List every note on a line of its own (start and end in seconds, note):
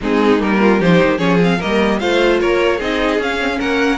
0.01 0.40 G#3
0.01 0.38 C4
0.01 0.60 D#4
0.01 0.42 G#4
0.38 0.80 G3
0.38 0.78 A#3
0.38 0.82 A#4
0.60 0.79 F4
0.79 1.00 F3
0.79 1.18 D#4
0.79 1.18 G4
0.79 1.18 C5
1.02 1.19 D#3
1.18 1.59 F3
1.18 1.38 C#4
1.18 1.58 G#4
1.18 1.38 C#5
1.41 1.60 C4
1.41 1.61 F5
1.58 2.02 G3
1.58 1.99 A#3
1.58 1.98 A#4
1.58 1.99 D#5
1.99 2.42 A3
1.99 2.79 F4
1.99 2.40 C5
1.99 2.39 F5
2.40 2.80 A#3
2.40 2.77 A#4
2.40 2.80 C#5
2.77 3.18 C4
2.77 3.20 D#4
2.77 3.57 G#4
2.77 3.21 D#5
3.18 3.58 C#4
3.18 3.41 C#4
3.18 3.60 F5
3.41 3.49 C4
3.49 3.98 C#4
3.58 3.98 A#3
3.58 3.98 A#4
3.58 3.98 F#5